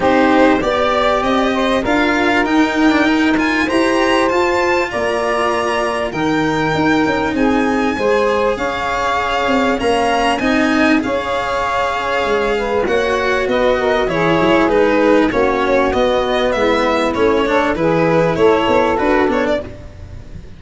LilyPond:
<<
  \new Staff \with { instrumentName = "violin" } { \time 4/4 \tempo 4 = 98 c''4 d''4 dis''4 f''4 | g''4. gis''8 ais''4 a''4 | ais''2 g''2 | gis''2 f''2 |
ais''4 gis''4 f''2~ | f''4 fis''4 dis''4 cis''4 | b'4 cis''4 dis''4 e''4 | cis''4 b'4 cis''4 b'8 cis''16 d''16 | }
  \new Staff \with { instrumentName = "saxophone" } { \time 4/4 g'4 d''4. c''8 ais'4~ | ais'2 c''2 | d''2 ais'2 | gis'4 c''4 cis''2 |
f''4 dis''4 cis''2~ | cis''8 b'8 cis''4 b'8 ais'8 gis'4~ | gis'4 fis'2 e'4~ | e'8 a'8 gis'4 a'2 | }
  \new Staff \with { instrumentName = "cello" } { \time 4/4 dis'4 g'2 f'4 | dis'8. d'16 dis'8 f'8 g'4 f'4~ | f'2 dis'2~ | dis'4 gis'2. |
cis'4 dis'4 gis'2~ | gis'4 fis'2 e'4 | dis'4 cis'4 b2 | cis'8 d'8 e'2 fis'8 d'8 | }
  \new Staff \with { instrumentName = "tuba" } { \time 4/4 c'4 b4 c'4 d'4 | dis'2 e'4 f'4 | ais2 dis4 dis'8 cis'8 | c'4 gis4 cis'4. c'8 |
ais4 c'4 cis'2 | gis4 ais4 b4 e8 fis8 | gis4 ais4 b4 gis4 | a4 e4 a8 b8 d'8 b8 | }
>>